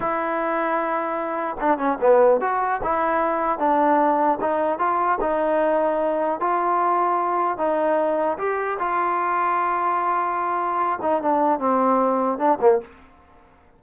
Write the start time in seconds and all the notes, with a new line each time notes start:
0.00 E4
1.60 D4
1.77 C#4
2.00 B3
2.40 F#4
2.83 E4
3.59 D4
4.40 D#4
4.79 F4
5.20 D#4
6.40 F4
7.57 D#4
8.38 G4
8.79 F4
11.01 D#4
11.21 D4
11.59 C4
12.38 D4
12.61 A#3